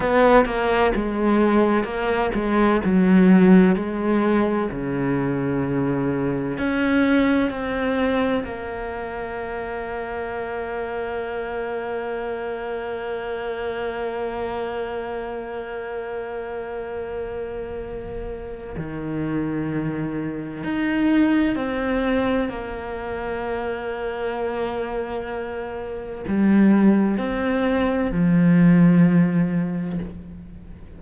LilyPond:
\new Staff \with { instrumentName = "cello" } { \time 4/4 \tempo 4 = 64 b8 ais8 gis4 ais8 gis8 fis4 | gis4 cis2 cis'4 | c'4 ais2.~ | ais1~ |
ais1 | dis2 dis'4 c'4 | ais1 | g4 c'4 f2 | }